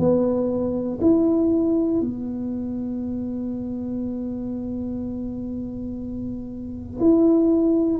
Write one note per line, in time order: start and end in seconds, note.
0.00 1.00 B3
1.02 2.01 E4
2.01 7.01 B3
7.01 8.00 E4